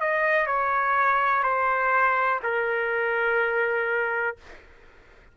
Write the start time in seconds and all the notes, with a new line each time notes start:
0.00 D#5
0.46 C#5
1.43 C5
2.43 A#4